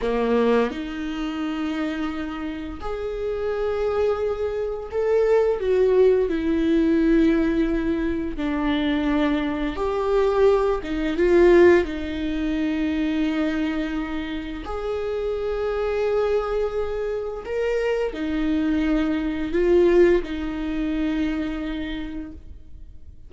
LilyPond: \new Staff \with { instrumentName = "viola" } { \time 4/4 \tempo 4 = 86 ais4 dis'2. | gis'2. a'4 | fis'4 e'2. | d'2 g'4. dis'8 |
f'4 dis'2.~ | dis'4 gis'2.~ | gis'4 ais'4 dis'2 | f'4 dis'2. | }